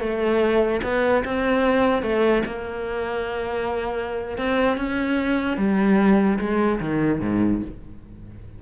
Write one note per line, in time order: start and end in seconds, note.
0.00 0.81 A3
0.83 1.24 B3
1.25 2.03 C4
2.03 2.43 A3
2.46 4.38 A#3
4.38 4.78 C4
4.78 5.58 C#4
5.58 6.39 G3
6.39 6.80 G#3
6.80 7.21 D#3
7.21 7.62 G#2